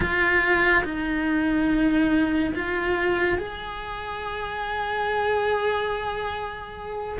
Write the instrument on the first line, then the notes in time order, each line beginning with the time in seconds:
cello
0.00 F4
0.84 D#4
2.54 F4
3.38 G#4